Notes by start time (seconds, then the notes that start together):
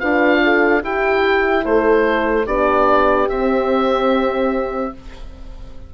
0.00 D4 F4 B4 F5
0.44 A4
0.83 E4 G4 G5
1.64 A3 A4 C5
2.46 B3 D4 G4 D5
3.29 C4 E5